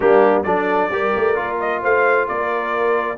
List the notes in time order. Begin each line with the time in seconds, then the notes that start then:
0.00 G3 A#3 D4 G4
0.43 F#3 D4 A4 D5
0.89 G3 G4 A#4
1.15 A3
1.35 A#3 F4
1.59 D#5
1.81 A3 C5 F5
2.27 A#3 A#4 D5